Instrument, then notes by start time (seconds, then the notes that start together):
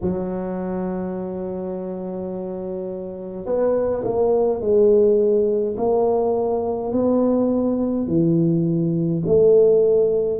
tuba
0.01 F#3
3.45 B3
4.04 A#3
4.60 G#3
5.77 A#3
6.92 B3
8.07 E3
9.26 A3